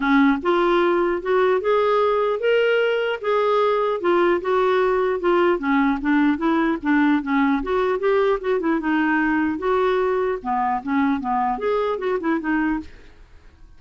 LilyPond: \new Staff \with { instrumentName = "clarinet" } { \time 4/4 \tempo 4 = 150 cis'4 f'2 fis'4 | gis'2 ais'2 | gis'2 f'4 fis'4~ | fis'4 f'4 cis'4 d'4 |
e'4 d'4 cis'4 fis'4 | g'4 fis'8 e'8 dis'2 | fis'2 b4 cis'4 | b4 gis'4 fis'8 e'8 dis'4 | }